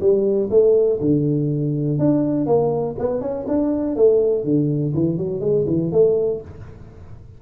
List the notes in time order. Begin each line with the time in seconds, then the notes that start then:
0.00 G3
0.50 A3
1.00 D3
1.98 D4
2.46 A#3
2.98 B3
3.21 C#4
3.47 D4
3.96 A3
4.44 D3
4.94 E3
5.17 F#3
5.40 G#3
5.67 E3
5.92 A3